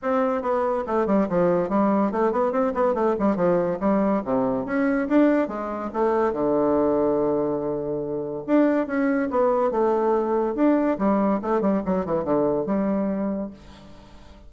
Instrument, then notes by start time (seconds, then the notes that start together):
bassoon
0.02 C4
0.41 B3
0.86 A3
1.06 G3
1.29 F3
1.69 G3
2.11 A3
2.31 B3
2.52 C4
2.74 B3
2.94 A3
3.19 G3
3.36 F3
3.80 G3
4.24 C3
4.65 C#4
5.08 D4
5.48 G#3
5.93 A3
6.32 D3
8.46 D4
8.86 C#4
9.30 B3
9.71 A3
10.55 D4
10.98 G3
11.42 A3
11.61 G3
11.85 F#3
12.05 E3
12.24 D3
12.66 G3